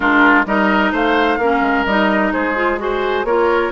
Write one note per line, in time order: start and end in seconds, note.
0.00 0.45 G#3
0.00 0.44 D4
0.00 0.45 F4
0.00 0.46 A#4
0.45 0.92 G3
0.45 1.40 D#4
0.45 0.92 A#4
0.45 0.92 D#5
0.92 1.38 A3
0.92 1.38 C5
0.92 1.85 F5
1.38 1.61 A#3
1.38 1.87 C#4
1.38 2.32 A#4
1.61 1.84 G#3
1.85 2.32 G3
1.85 2.55 D#4
1.85 2.32 D#5
2.32 3.24 G#3
2.32 2.79 G#4
2.32 2.78 C5
2.55 2.78 F4
2.78 3.24 F#4
2.78 3.25 G#4
2.78 3.26 C5
3.24 3.70 A#3
3.24 3.72 F4
3.24 3.72 A#4
3.24 3.71 C#5